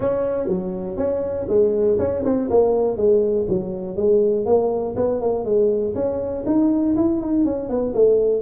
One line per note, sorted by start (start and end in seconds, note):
0.00 0.48 C#4
0.48 0.97 F#3
0.97 1.47 C#4
1.48 1.98 G#3
1.98 2.23 C#4
2.24 2.49 C4
2.50 2.96 A#3
2.96 3.46 G#3
3.48 3.96 F#3
3.96 4.45 G#3
4.45 4.95 A#3
4.96 5.20 B3
5.20 5.44 A#3
5.44 5.94 G#3
5.94 6.44 C#4
6.46 6.95 D#4
6.96 7.20 E4
7.21 7.44 D#4
7.44 7.69 C#4
7.69 7.94 B3
7.94 8.42 A3